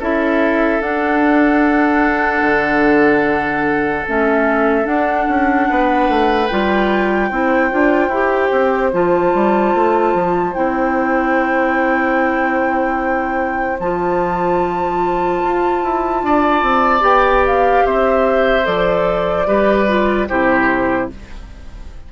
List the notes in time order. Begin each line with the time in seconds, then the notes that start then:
0.00 C#4 E4 A4 E5
0.80 D4 F#5
2.42 D3
4.07 A3 C#4 E5
4.84 D4 F#5
5.29 C#4
5.70 B3 B4
6.08 A3
6.47 G3 F4 G5
7.29 C4 E4 C5
7.70 D4 F4
8.08 E4 G4
8.52 C4
8.93 F3 F4 A5
9.34 G3
9.74 A3
10.14 F3
10.54 C4 E4 G5
13.80 F3 F4 A5
15.44 F4
15.83 E4
16.23 D4 D5
16.62 C4
17.00 B3 G4 G5
17.46 F5
17.85 C4 C5 E5
18.64 F3 A4 D5
19.46 G3 G4 B4
19.87 F4
20.28 C3 E4 G4 C5